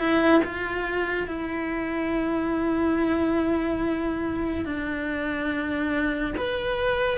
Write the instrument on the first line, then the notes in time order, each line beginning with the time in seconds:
cello
0.00 E4
0.45 F4
1.28 E4
4.66 D4
6.38 B4